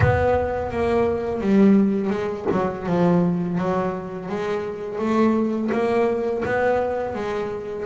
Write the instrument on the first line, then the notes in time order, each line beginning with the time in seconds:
double bass
0.00 B3
0.70 A#3
1.41 G3
2.10 G#3
2.51 F#3
2.86 F3
3.57 F#3
4.28 G#3
4.98 A3
5.71 A#3
6.45 B3
7.14 G#3